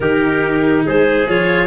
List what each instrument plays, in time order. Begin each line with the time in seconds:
0.00 tuba D#3, cello D#4, trumpet G4, clarinet A#4
0.85 tuba G#3, trumpet G#4, clarinet C5
1.28 tuba F3, cello F4, clarinet C#5